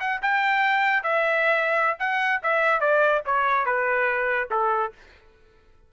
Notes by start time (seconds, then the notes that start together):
0.00 F#5
0.22 G5
1.04 E5
1.99 F#5
2.43 E5
2.81 D5
3.26 C#5
3.66 B4
4.51 A4